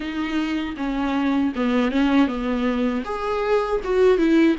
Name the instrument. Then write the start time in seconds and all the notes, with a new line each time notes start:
viola
0.00 D#4
0.76 C#4
1.55 B3
1.91 C#4
2.27 B3
3.04 G#4
3.84 F#4
4.18 E4